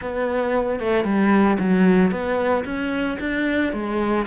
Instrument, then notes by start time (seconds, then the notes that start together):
cello
0.01 B3
0.79 A3
1.04 G3
1.59 F#3
2.11 B3
2.65 C#4
3.19 D4
3.72 G#3